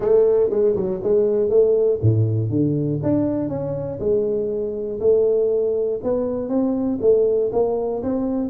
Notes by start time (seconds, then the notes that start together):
0.00 A3
0.50 G#3
0.75 F#3
1.03 G#3
1.49 A3
2.01 A2
2.50 D3
3.02 D4
3.48 C#4
3.99 G#3
5.00 A3
6.03 B3
6.48 C4
7.01 A3
7.52 A#3
8.03 C4